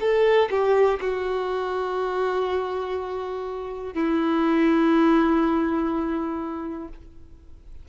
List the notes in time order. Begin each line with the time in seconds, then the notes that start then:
0.00 A4
0.50 G4
1.01 F#4
3.94 E4